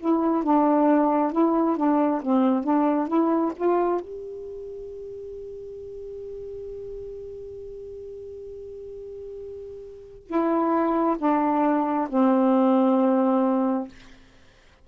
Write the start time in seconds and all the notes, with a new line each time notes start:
0.00 E4
0.44 D4
1.33 E4
1.77 D4
2.22 C4
2.64 D4
3.08 E4
3.56 F4
4.01 G4
10.27 E4
11.19 D4
12.09 C4